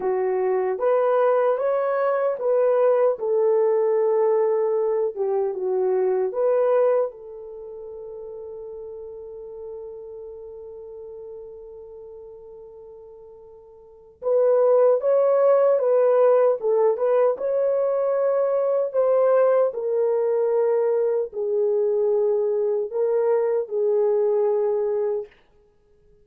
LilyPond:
\new Staff \with { instrumentName = "horn" } { \time 4/4 \tempo 4 = 76 fis'4 b'4 cis''4 b'4 | a'2~ a'8 g'8 fis'4 | b'4 a'2.~ | a'1~ |
a'2 b'4 cis''4 | b'4 a'8 b'8 cis''2 | c''4 ais'2 gis'4~ | gis'4 ais'4 gis'2 | }